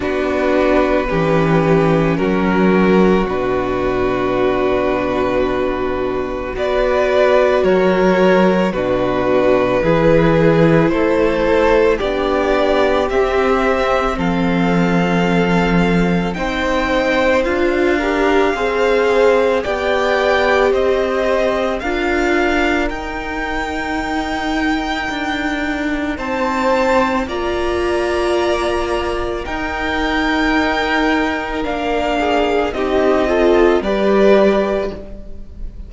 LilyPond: <<
  \new Staff \with { instrumentName = "violin" } { \time 4/4 \tempo 4 = 55 b'2 ais'4 b'4~ | b'2 d''4 cis''4 | b'2 c''4 d''4 | e''4 f''2 g''4 |
f''2 g''4 dis''4 | f''4 g''2. | a''4 ais''2 g''4~ | g''4 f''4 dis''4 d''4 | }
  \new Staff \with { instrumentName = "violin" } { \time 4/4 fis'4 g'4 fis'2~ | fis'2 b'4 ais'4 | fis'4 gis'4 a'4 g'4~ | g'4 a'2 c''4~ |
c''8 ais'8 c''4 d''4 c''4 | ais'1 | c''4 d''2 ais'4~ | ais'4. gis'8 g'8 a'8 b'4 | }
  \new Staff \with { instrumentName = "viola" } { \time 4/4 d'4 cis'2 d'4~ | d'2 fis'2 | d'4 e'2 d'4 | c'2. dis'4 |
f'8 g'8 gis'4 g'2 | f'4 dis'2.~ | dis'4 f'2 dis'4~ | dis'4 d'4 dis'8 f'8 g'4 | }
  \new Staff \with { instrumentName = "cello" } { \time 4/4 b4 e4 fis4 b,4~ | b,2 b4 fis4 | b,4 e4 a4 b4 | c'4 f2 c'4 |
d'4 c'4 b4 c'4 | d'4 dis'2 d'4 | c'4 ais2 dis'4~ | dis'4 ais4 c'4 g4 | }
>>